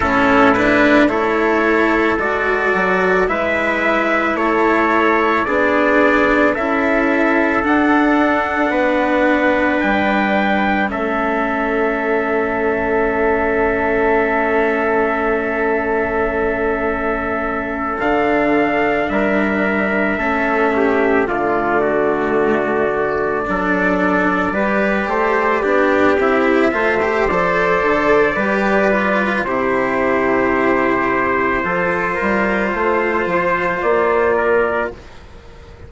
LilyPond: <<
  \new Staff \with { instrumentName = "trumpet" } { \time 4/4 \tempo 4 = 55 a'8 b'8 cis''4 d''4 e''4 | cis''4 d''4 e''4 fis''4~ | fis''4 g''4 e''2~ | e''1~ |
e''8 f''4 e''2 d''8~ | d''1 | e''4 d''2 c''4~ | c''2. d''4 | }
  \new Staff \with { instrumentName = "trumpet" } { \time 4/4 e'4 a'2 b'4 | a'4 gis'4 a'2 | b'2 a'2~ | a'1~ |
a'4. ais'4 a'8 g'8 f'8 | fis'4. a'4 b'8 c''8 g'8~ | g'8 c''4. b'4 g'4~ | g'4 a'8 ais'8 c''4. ais'8 | }
  \new Staff \with { instrumentName = "cello" } { \time 4/4 cis'8 d'8 e'4 fis'4 e'4~ | e'4 d'4 e'4 d'4~ | d'2 cis'2~ | cis'1~ |
cis'8 d'2 cis'4 a8~ | a4. d'4 g'4 d'8 | e'8 f'16 g'16 a'4 g'8 f'8 e'4~ | e'4 f'2. | }
  \new Staff \with { instrumentName = "bassoon" } { \time 4/4 a,4 a4 gis8 fis8 gis4 | a4 b4 cis'4 d'4 | b4 g4 a2~ | a1~ |
a8 d4 g4 a4 d8~ | d4. fis4 g8 a8 b8 | c'8 a8 f8 d8 g4 c4~ | c4 f8 g8 a8 f8 ais4 | }
>>